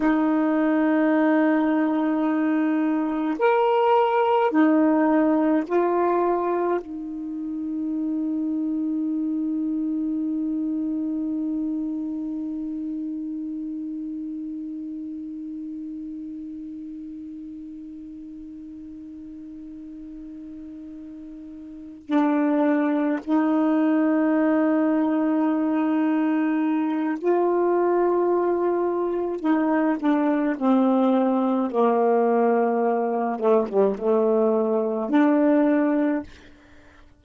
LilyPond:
\new Staff \with { instrumentName = "saxophone" } { \time 4/4 \tempo 4 = 53 dis'2. ais'4 | dis'4 f'4 dis'2~ | dis'1~ | dis'1~ |
dis'2.~ dis'8 d'8~ | d'8 dis'2.~ dis'8 | f'2 dis'8 d'8 c'4 | ais4. a16 g16 a4 d'4 | }